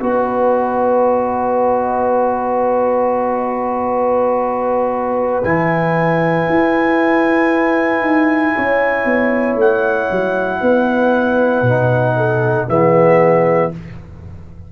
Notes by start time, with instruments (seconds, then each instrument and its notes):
0.00 tuba B3, trombone F#4, horn B4, trumpet D#5
5.44 tuba E3, trombone E4, trumpet G#5
6.49 tuba E4
8.00 tuba D#4
8.56 tuba C#4, horn C#5
9.05 tuba B3
9.56 tuba A3, trumpet F#5
10.11 tuba F#3
10.61 tuba B3, horn B4
11.62 tuba B2, trombone D#4
12.17 horn A4
12.69 tuba E3, trombone B3, horn G#4, trumpet E5